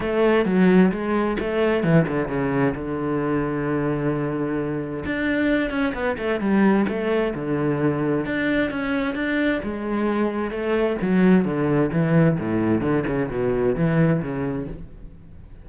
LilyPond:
\new Staff \with { instrumentName = "cello" } { \time 4/4 \tempo 4 = 131 a4 fis4 gis4 a4 | e8 d8 cis4 d2~ | d2. d'4~ | d'8 cis'8 b8 a8 g4 a4 |
d2 d'4 cis'4 | d'4 gis2 a4 | fis4 d4 e4 a,4 | d8 cis8 b,4 e4 cis4 | }